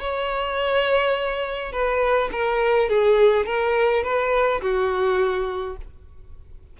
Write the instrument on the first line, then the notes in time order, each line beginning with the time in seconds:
violin
0.00 C#5
1.72 B4
2.32 A#4
2.89 G#4
3.46 A#4
4.03 B4
4.61 F#4